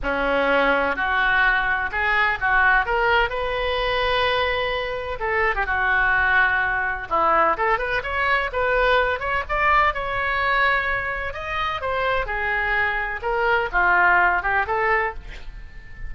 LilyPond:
\new Staff \with { instrumentName = "oboe" } { \time 4/4 \tempo 4 = 127 cis'2 fis'2 | gis'4 fis'4 ais'4 b'4~ | b'2. a'8. g'16 | fis'2. e'4 |
a'8 b'8 cis''4 b'4. cis''8 | d''4 cis''2. | dis''4 c''4 gis'2 | ais'4 f'4. g'8 a'4 | }